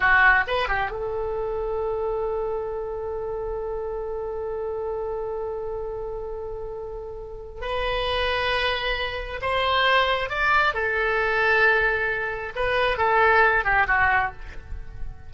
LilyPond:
\new Staff \with { instrumentName = "oboe" } { \time 4/4 \tempo 4 = 134 fis'4 b'8 g'8 a'2~ | a'1~ | a'1~ | a'1~ |
a'4 b'2.~ | b'4 c''2 d''4 | a'1 | b'4 a'4. g'8 fis'4 | }